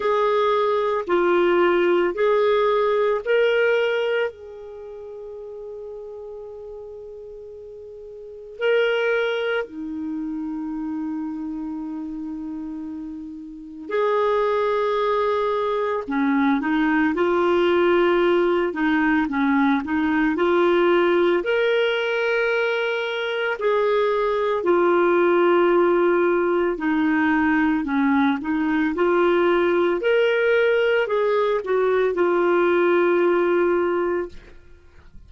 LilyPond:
\new Staff \with { instrumentName = "clarinet" } { \time 4/4 \tempo 4 = 56 gis'4 f'4 gis'4 ais'4 | gis'1 | ais'4 dis'2.~ | dis'4 gis'2 cis'8 dis'8 |
f'4. dis'8 cis'8 dis'8 f'4 | ais'2 gis'4 f'4~ | f'4 dis'4 cis'8 dis'8 f'4 | ais'4 gis'8 fis'8 f'2 | }